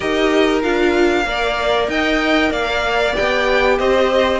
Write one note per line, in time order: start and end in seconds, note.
0.00 0.63 D#4
0.00 0.61 G4
0.00 1.25 A#4
0.00 0.62 D#5
0.62 1.25 D4
0.62 1.25 F4
0.62 1.88 F5
1.25 1.88 A#3
1.25 3.13 A#4
1.25 1.90 D5
1.88 2.50 D#4
1.88 2.50 D#5
1.88 2.52 G5
2.50 3.13 A#3
2.50 3.77 D5
2.50 3.15 F5
3.13 4.39 G4
3.13 3.78 G5
3.19 3.79 B3
3.78 4.39 C4
3.78 4.39 C5
3.78 4.39 D#5